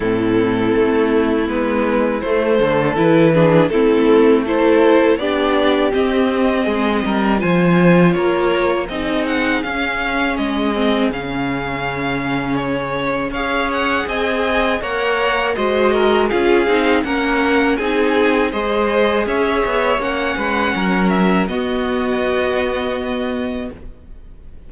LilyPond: <<
  \new Staff \with { instrumentName = "violin" } { \time 4/4 \tempo 4 = 81 a'2 b'4 c''4 | b'4 a'4 c''4 d''4 | dis''2 gis''4 cis''4 | dis''8 fis''8 f''4 dis''4 f''4~ |
f''4 cis''4 f''8 fis''8 gis''4 | fis''4 dis''4 f''4 fis''4 | gis''4 dis''4 e''4 fis''4~ | fis''8 e''8 dis''2. | }
  \new Staff \with { instrumentName = "violin" } { \time 4/4 e'2.~ e'8 a'8~ | a'8 gis'8 e'4 a'4 g'4~ | g'4 gis'8 ais'8 c''4 ais'4 | gis'1~ |
gis'2 cis''4 dis''4 | cis''4 c''8 ais'8 gis'4 ais'4 | gis'4 c''4 cis''4. b'8 | ais'4 fis'2. | }
  \new Staff \with { instrumentName = "viola" } { \time 4/4 c'2 b4 a4 | e'8 d'8 c'4 e'4 d'4 | c'2 f'2 | dis'4 cis'4. c'8 cis'4~ |
cis'2 gis'2 | ais'4 fis'4 f'8 dis'8 cis'4 | dis'4 gis'2 cis'4~ | cis'4 b2. | }
  \new Staff \with { instrumentName = "cello" } { \time 4/4 a,4 a4 gis4 a8 d8 | e4 a2 b4 | c'4 gis8 g8 f4 ais4 | c'4 cis'4 gis4 cis4~ |
cis2 cis'4 c'4 | ais4 gis4 cis'8 c'8 ais4 | c'4 gis4 cis'8 b8 ais8 gis8 | fis4 b2. | }
>>